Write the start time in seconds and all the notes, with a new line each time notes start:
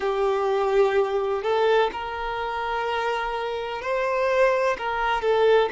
0.00 G4
1.42 A4
1.92 A#4
3.81 C5
4.78 A#4
5.21 A4